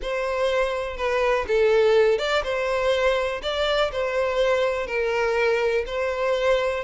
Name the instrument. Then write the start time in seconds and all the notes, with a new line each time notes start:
violin
0.02 C5
0.96 B4
1.47 A4
2.18 D5
2.43 C5
3.42 D5
3.92 C5
4.86 A#4
5.86 C5